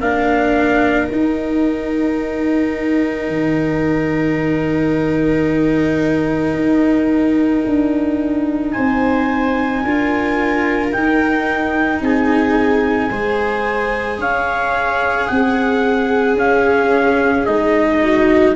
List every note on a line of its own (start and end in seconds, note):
0.00 1.09 A#3
0.00 1.10 D4
0.00 8.73 A#4
0.00 1.07 F5
1.07 3.28 D#4
1.07 9.85 D#4
1.07 8.71 G5
3.28 6.55 D#3
6.55 7.64 D#4
7.66 8.75 D4
8.71 9.82 C5
8.71 10.89 G#5
8.77 9.83 C4
9.82 10.92 D4
9.82 10.92 F4
9.82 12.01 A#4
10.92 13.10 D#4
10.92 12.01 D#4
10.92 12.01 G5
12.01 13.10 C4
12.01 13.09 G#4
12.01 14.21 G#5
13.09 14.18 G#3
13.09 16.38 G#4
13.09 14.18 C5
14.18 15.27 C#4
14.18 15.28 C#5
14.18 15.27 F5
15.27 16.34 C4
15.27 18.01 G#4
15.27 16.36 F#5
16.34 17.43 C#4
16.34 17.47 C#4
16.34 17.45 F5
17.45 18.55 G#3
17.45 18.55 D#4
17.45 18.55 D#5
18.02 18.55 F#4